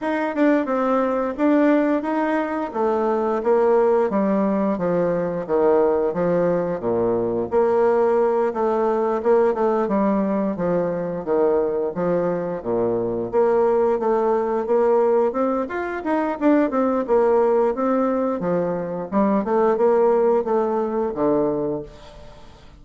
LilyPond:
\new Staff \with { instrumentName = "bassoon" } { \time 4/4 \tempo 4 = 88 dis'8 d'8 c'4 d'4 dis'4 | a4 ais4 g4 f4 | dis4 f4 ais,4 ais4~ | ais8 a4 ais8 a8 g4 f8~ |
f8 dis4 f4 ais,4 ais8~ | ais8 a4 ais4 c'8 f'8 dis'8 | d'8 c'8 ais4 c'4 f4 | g8 a8 ais4 a4 d4 | }